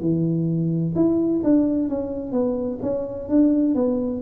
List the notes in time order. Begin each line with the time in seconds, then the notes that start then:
0.00 E3
0.95 E4
1.43 D4
1.89 C#4
2.32 B3
2.82 C#4
3.29 D4
3.75 B3